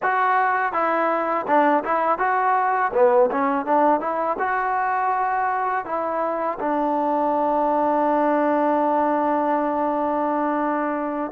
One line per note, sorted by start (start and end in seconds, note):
0.02 0.72 F#4
0.72 1.45 E4
1.47 1.83 D4
1.84 2.18 E4
2.18 2.91 F#4
2.93 3.29 B3
3.31 3.65 C#4
3.65 4.00 D4
4.00 4.36 E4
4.38 5.85 F#4
5.85 6.58 E4
6.59 11.31 D4